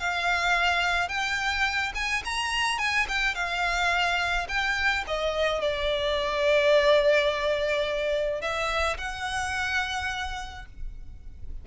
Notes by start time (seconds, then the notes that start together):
0.00 F5
1.09 G5
1.95 G#5
2.25 A#5
2.79 G#5
3.09 G5
3.35 F5
4.49 G5
5.07 D#5
5.62 D5
8.41 E5
8.98 F#5